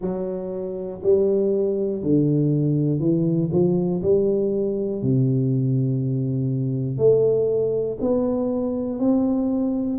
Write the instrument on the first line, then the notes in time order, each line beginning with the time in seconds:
tuba
0.01 F#3
1.02 G3
2.03 D3
2.99 E3
3.51 F3
4.02 G3
5.02 C3
6.97 A3
8.00 B3
8.99 C4